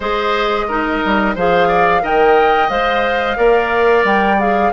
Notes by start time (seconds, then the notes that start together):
0.00 G#3 G#4 C5 D#5
0.68 D#4 A#4
1.05 G3
1.35 F3 G#4 C5 F5
1.68 D5
2.00 D#3 A#4 D#5 G5
2.69 G#3 C5 F5
3.36 A#3 A#4 D5
4.04 G3 G5
4.38 G#4 F5